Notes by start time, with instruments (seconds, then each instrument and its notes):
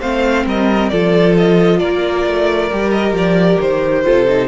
0.00 cello A3, viola C4, violin C5 F5
0.46 cello G3, violin A#4 D#5
0.89 cello F3, viola F4, violin A4 D5
1.37 violin D#5
1.79 cello A#3, violin A#4 D5
2.26 cello A3
2.71 cello G3, viola G4
2.91 violin D#5
3.12 cello F3, violin D5
3.61 cello D#3, violin C5
4.04 cello C3, viola F4, violin A4
4.28 viola D#4